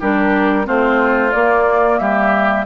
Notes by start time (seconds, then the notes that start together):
0.00 G3 D4 G4 A#4
0.64 A3 C4 F4 C5
1.32 A#3 D5
1.99 G3 G4 E5